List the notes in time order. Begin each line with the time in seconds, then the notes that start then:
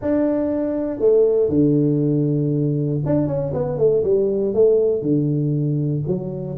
0.01 D4
0.99 A3
1.49 D3
3.05 D4
3.27 C#4
3.53 B3
3.77 A3
4.03 G3
4.54 A3
5.02 D3
6.07 F#3